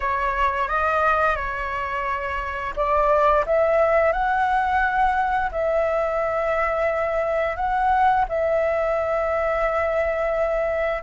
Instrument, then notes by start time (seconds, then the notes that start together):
flute
0.00 C#5
0.68 D#5
1.36 C#5
2.76 D5
3.45 E5
4.12 F#5
5.51 E5
7.56 F#5
8.29 E5